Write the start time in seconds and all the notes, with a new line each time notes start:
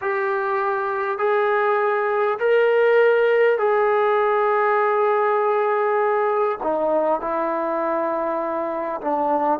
0.01 G4
1.18 G#4
2.39 A#4
3.58 G#4
6.63 D#4
7.20 E4
9.01 D4